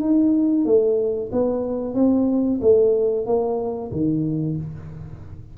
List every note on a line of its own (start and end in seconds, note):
0.00 0.65 D#4
0.65 1.30 A3
1.32 1.95 B3
1.95 2.60 C4
2.61 3.26 A3
3.26 3.91 A#3
3.92 4.57 D#3